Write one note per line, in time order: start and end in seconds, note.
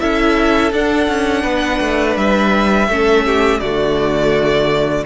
0.00 0.73 C#4
0.00 0.73 E4
0.00 1.43 A4
0.00 0.72 E5
0.73 1.08 D4
0.73 2.90 D4
0.73 2.18 F#5
1.08 1.44 C#4
1.43 1.80 B3
1.43 2.87 B4
1.81 2.17 A3
2.17 2.89 G3
2.17 3.60 E5
2.89 3.61 A3
2.89 3.62 C#4
2.89 3.25 A4
3.25 3.61 G4
3.60 5.06 D3
3.60 5.06 A3
3.60 5.05 F#4
3.60 5.05 D5